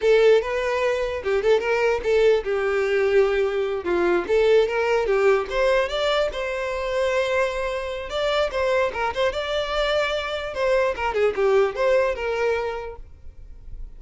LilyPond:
\new Staff \with { instrumentName = "violin" } { \time 4/4 \tempo 4 = 148 a'4 b'2 g'8 a'8 | ais'4 a'4 g'2~ | g'4. f'4 a'4 ais'8~ | ais'8 g'4 c''4 d''4 c''8~ |
c''1 | d''4 c''4 ais'8 c''8 d''4~ | d''2 c''4 ais'8 gis'8 | g'4 c''4 ais'2 | }